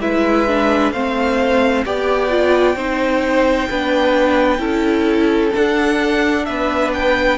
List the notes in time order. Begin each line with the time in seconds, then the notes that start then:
0.00 G#3 E4 B4 E5
0.47 D4
0.92 A3 C4 C5 F5
1.84 B3 G4 D5 G5
2.29 F4
2.75 C4 D#4 C5
3.69 B3 D4 B4
4.58 C#4 E4 A4
5.54 D4 F#5
6.45 B3 B4 E5
6.93 G5